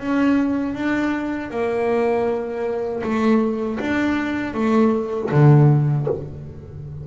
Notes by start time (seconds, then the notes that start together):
0.00 C#4
0.75 D4
1.51 A#3
3.04 A3
3.80 D4
4.54 A3
5.32 D3